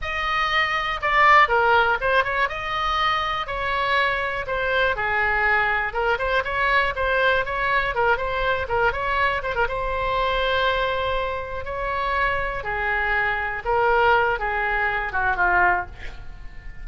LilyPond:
\new Staff \with { instrumentName = "oboe" } { \time 4/4 \tempo 4 = 121 dis''2 d''4 ais'4 | c''8 cis''8 dis''2 cis''4~ | cis''4 c''4 gis'2 | ais'8 c''8 cis''4 c''4 cis''4 |
ais'8 c''4 ais'8 cis''4 c''16 ais'16 c''8~ | c''2.~ c''8 cis''8~ | cis''4. gis'2 ais'8~ | ais'4 gis'4. fis'8 f'4 | }